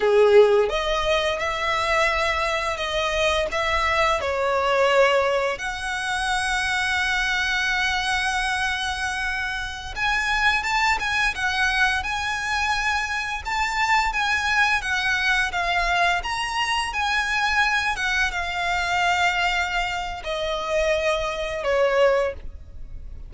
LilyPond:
\new Staff \with { instrumentName = "violin" } { \time 4/4 \tempo 4 = 86 gis'4 dis''4 e''2 | dis''4 e''4 cis''2 | fis''1~ | fis''2~ fis''16 gis''4 a''8 gis''16~ |
gis''16 fis''4 gis''2 a''8.~ | a''16 gis''4 fis''4 f''4 ais''8.~ | ais''16 gis''4. fis''8 f''4.~ f''16~ | f''4 dis''2 cis''4 | }